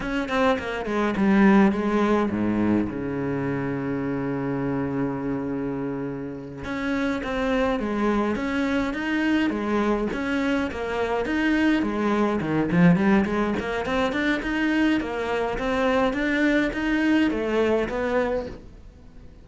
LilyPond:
\new Staff \with { instrumentName = "cello" } { \time 4/4 \tempo 4 = 104 cis'8 c'8 ais8 gis8 g4 gis4 | gis,4 cis2.~ | cis2.~ cis8 cis'8~ | cis'8 c'4 gis4 cis'4 dis'8~ |
dis'8 gis4 cis'4 ais4 dis'8~ | dis'8 gis4 dis8 f8 g8 gis8 ais8 | c'8 d'8 dis'4 ais4 c'4 | d'4 dis'4 a4 b4 | }